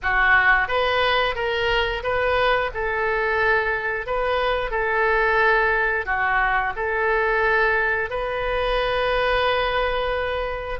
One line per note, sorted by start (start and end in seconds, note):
0.02 0.67 F#4
0.67 1.35 B4
1.35 2.02 A#4
2.03 2.70 B4
2.73 4.06 A4
4.06 4.70 B4
4.70 6.05 A4
6.05 6.73 F#4
6.76 8.09 A4
8.09 10.79 B4